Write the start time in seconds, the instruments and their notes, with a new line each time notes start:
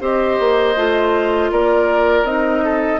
0.00 bassoon C4, clarinet G4, oboe C5, flute D#5
0.39 bassoon A#3
0.76 bassoon A3, clarinet F4
1.51 bassoon A#3, oboe A#4, flute D5
2.23 bassoon C4, clarinet D#4, flute D#5
2.64 oboe A4